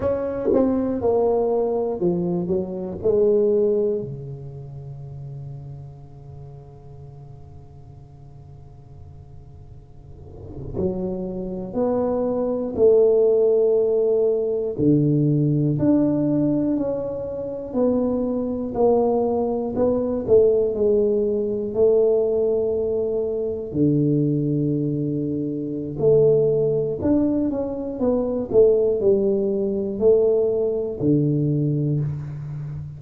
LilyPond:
\new Staff \with { instrumentName = "tuba" } { \time 4/4 \tempo 4 = 60 cis'8 c'8 ais4 f8 fis8 gis4 | cis1~ | cis2~ cis8. fis4 b16~ | b8. a2 d4 d'16~ |
d'8. cis'4 b4 ais4 b16~ | b16 a8 gis4 a2 d16~ | d2 a4 d'8 cis'8 | b8 a8 g4 a4 d4 | }